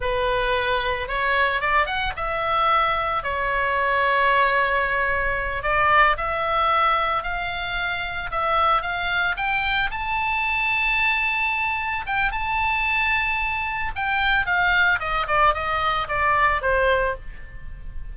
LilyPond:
\new Staff \with { instrumentName = "oboe" } { \time 4/4 \tempo 4 = 112 b'2 cis''4 d''8 fis''8 | e''2 cis''2~ | cis''2~ cis''8 d''4 e''8~ | e''4. f''2 e''8~ |
e''8 f''4 g''4 a''4.~ | a''2~ a''8 g''8 a''4~ | a''2 g''4 f''4 | dis''8 d''8 dis''4 d''4 c''4 | }